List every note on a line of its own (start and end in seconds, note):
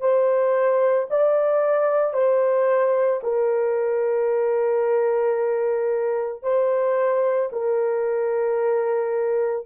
0.00 1.07 C5
1.10 2.13 D5
2.13 3.20 C5
3.23 6.42 A#4
6.42 7.50 C5
7.52 9.66 A#4